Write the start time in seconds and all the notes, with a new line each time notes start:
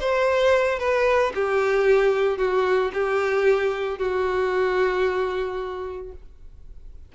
0.00 C5
0.79 B4
1.34 G4
2.38 F#4
2.93 G4
3.98 F#4